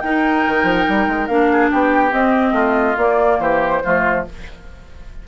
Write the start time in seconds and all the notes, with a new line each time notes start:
0.00 D#4 A#4 G5
0.47 D#3
0.63 F3
0.89 G3
1.07 G#3
1.27 A#3 D4 F5
1.52 G#4
1.71 B3 G4 G5
2.11 C4 D#5
2.52 A3 F4
2.97 A#3 D5
3.39 E3 G4 C5
3.83 F3 A3 F4